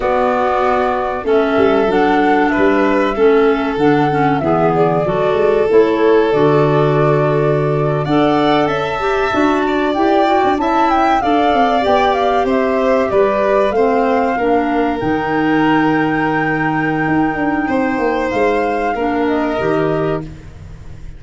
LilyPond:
<<
  \new Staff \with { instrumentName = "flute" } { \time 4/4 \tempo 4 = 95 d''2 e''4 fis''4 | e''2 fis''4 e''8 d''8~ | d''4 cis''4 d''2~ | d''8. fis''4 a''2 g''16~ |
g''8. a''8 g''8 f''4 g''8 f''8 e''16~ | e''8. d''4 f''2 g''16~ | g''1~ | g''4 f''4. dis''4. | }
  \new Staff \with { instrumentName = "violin" } { \time 4/4 fis'2 a'2 | b'4 a'2 gis'4 | a'1~ | a'8. d''4 e''4. d''8.~ |
d''8. e''4 d''2 c''16~ | c''8. b'4 c''4 ais'4~ ais'16~ | ais'1 | c''2 ais'2 | }
  \new Staff \with { instrumentName = "clarinet" } { \time 4/4 b2 cis'4 d'4~ | d'4 cis'4 d'8 cis'8 b4 | fis'4 e'4 fis'2~ | fis'8. a'4. g'8 fis'4 g'16~ |
g'16 fis'8 e'4 a'4 g'4~ g'16~ | g'4.~ g'16 c'4 d'4 dis'16~ | dis'1~ | dis'2 d'4 g'4 | }
  \new Staff \with { instrumentName = "tuba" } { \time 4/4 b2 a8 g8 fis4 | g4 a4 d4 e4 | fis8 gis8 a4 d2~ | d8. d'4 cis'4 d'4 e'16~ |
e'8 d'16 cis'4 d'8 c'8 b4 c'16~ | c'8. g4 a4 ais4 dis16~ | dis2. dis'8 d'8 | c'8 ais8 gis4 ais4 dis4 | }
>>